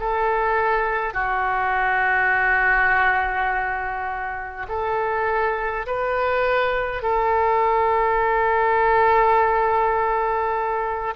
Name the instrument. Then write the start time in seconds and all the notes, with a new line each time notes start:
oboe
0.00 A4
1.14 F#4
4.68 A4
5.87 B4
7.03 A4